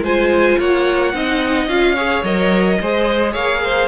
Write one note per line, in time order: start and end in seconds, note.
0.00 0.56 G#3
0.00 1.13 F4
0.00 0.58 C5
0.00 0.59 G#5
0.58 1.13 A#3
0.58 1.14 C#5
0.58 1.68 F#5
1.13 1.67 C4
1.13 1.68 D#4
1.13 1.94 D#5
1.67 2.22 C#4
1.67 1.96 F4
1.67 2.23 F5
1.94 2.24 G#4
1.94 2.77 C#5
2.23 2.79 F#3
2.23 2.80 A#4
2.23 3.33 D#5
2.81 3.35 G#3
2.81 3.87 G#4
2.81 3.32 C5
3.32 3.87 A#3
3.32 3.60 C#5
3.32 3.87 F5
3.64 3.87 C5